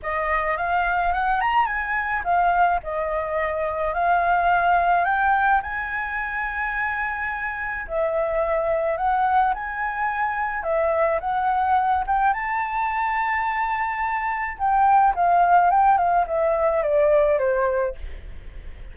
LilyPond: \new Staff \with { instrumentName = "flute" } { \time 4/4 \tempo 4 = 107 dis''4 f''4 fis''8 ais''8 gis''4 | f''4 dis''2 f''4~ | f''4 g''4 gis''2~ | gis''2 e''2 |
fis''4 gis''2 e''4 | fis''4. g''8 a''2~ | a''2 g''4 f''4 | g''8 f''8 e''4 d''4 c''4 | }